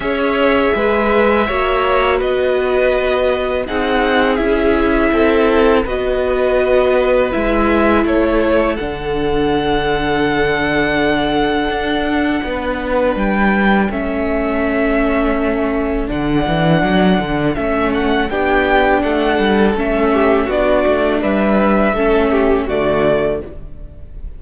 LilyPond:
<<
  \new Staff \with { instrumentName = "violin" } { \time 4/4 \tempo 4 = 82 e''2. dis''4~ | dis''4 fis''4 e''2 | dis''2 e''4 cis''4 | fis''1~ |
fis''2 g''4 e''4~ | e''2 fis''2 | e''8 fis''8 g''4 fis''4 e''4 | d''4 e''2 d''4 | }
  \new Staff \with { instrumentName = "violin" } { \time 4/4 cis''4 b'4 cis''4 b'4~ | b'4 gis'2 a'4 | b'2. a'4~ | a'1~ |
a'4 b'2 a'4~ | a'1~ | a'4 g'4 a'4. g'8 | fis'4 b'4 a'8 g'8 fis'4 | }
  \new Staff \with { instrumentName = "viola" } { \time 4/4 gis'2 fis'2~ | fis'4 dis'4 e'2 | fis'2 e'2 | d'1~ |
d'2. cis'4~ | cis'2 d'2 | cis'4 d'2 cis'4 | d'2 cis'4 a4 | }
  \new Staff \with { instrumentName = "cello" } { \time 4/4 cis'4 gis4 ais4 b4~ | b4 c'4 cis'4 c'4 | b2 gis4 a4 | d1 |
d'4 b4 g4 a4~ | a2 d8 e8 fis8 d8 | a4 b4 a8 g8 a4 | b8 a8 g4 a4 d4 | }
>>